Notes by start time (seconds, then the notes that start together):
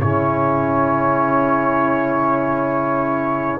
0.00 C#3 C#4 E4 C#5